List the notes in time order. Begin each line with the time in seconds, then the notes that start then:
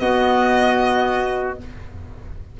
0.00 B3 F#4 D#5